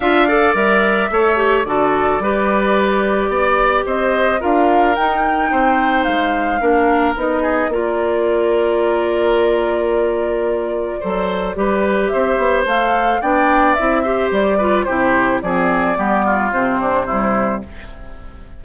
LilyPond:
<<
  \new Staff \with { instrumentName = "flute" } { \time 4/4 \tempo 4 = 109 f''4 e''2 d''4~ | d''2. dis''4 | f''4 g''2 f''4~ | f''4 dis''4 d''2~ |
d''1~ | d''2 e''4 f''4 | g''4 e''4 d''4 c''4 | d''2 c''2 | }
  \new Staff \with { instrumentName = "oboe" } { \time 4/4 e''8 d''4. cis''4 a'4 | b'2 d''4 c''4 | ais'2 c''2 | ais'4. gis'8 ais'2~ |
ais'1 | c''4 b'4 c''2 | d''4. c''4 b'8 g'4 | gis'4 g'8 f'4 d'8 e'4 | }
  \new Staff \with { instrumentName = "clarinet" } { \time 4/4 f'8 a'8 ais'4 a'8 g'8 fis'4 | g'1 | f'4 dis'2. | d'4 dis'4 f'2~ |
f'1 | a'4 g'2 a'4 | d'4 e'8 g'4 f'8 e'4 | c'4 b4 c'4 g4 | }
  \new Staff \with { instrumentName = "bassoon" } { \time 4/4 d'4 g4 a4 d4 | g2 b4 c'4 | d'4 dis'4 c'4 gis4 | ais4 b4 ais2~ |
ais1 | fis4 g4 c'8 b8 a4 | b4 c'4 g4 c4 | f4 g4 c2 | }
>>